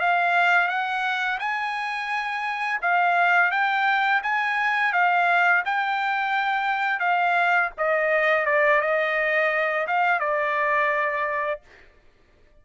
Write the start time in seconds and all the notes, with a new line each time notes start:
0.00 F5
0.68 F#5
1.39 G#5
2.81 F5
3.51 G5
4.23 G#5
4.93 F5
5.65 G5
6.99 F5
7.77 D#5
8.45 D5
8.81 D#5
9.87 F5
10.20 D5